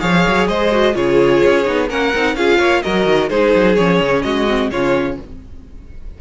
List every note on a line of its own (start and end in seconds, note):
0.00 0.26 F3
0.00 0.70 G#4
0.00 0.48 C#5
0.00 0.47 F5
0.27 0.48 F#3
0.48 0.95 G#3
0.48 0.95 C5
0.48 0.95 D#5
0.71 0.93 F#4
0.93 1.42 C#3
0.93 1.64 F4
0.93 1.89 G#4
0.93 1.89 C#5
1.45 1.67 C#4
1.65 1.90 B3
1.65 1.88 D#4
1.89 2.14 A#3
1.89 2.13 C#4
1.89 2.36 A#4
1.89 2.36 F#5
2.15 2.35 C4
2.15 2.37 D#4
2.35 2.59 C#4
2.35 2.83 F4
2.35 2.58 G#4
2.35 2.82 F5
2.58 2.82 A#3
2.58 2.82 C#5
2.82 3.06 F#3
2.82 3.30 F#4
2.82 3.29 A#4
2.82 3.29 D#5
3.06 3.30 D#3
3.29 3.54 G#3
3.29 3.77 D#4
3.29 4.23 G#4
3.29 3.76 C5
3.55 3.78 F#3
3.76 4.00 F3
3.76 4.47 C#4
3.76 4.22 C#5
4.00 4.24 C#3
4.23 4.71 G#3
4.23 4.71 F#4
4.23 4.69 D#5
4.47 4.71 C4
4.71 5.18 C#3
4.71 5.21 C#4
4.71 5.19 F4
4.71 5.18 C#5